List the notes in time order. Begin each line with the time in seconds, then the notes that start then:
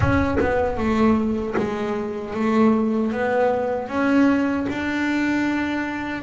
0.00 C#4
0.40 B3
0.77 A3
1.57 G#3
2.34 A3
3.12 B3
3.88 C#4
4.69 D4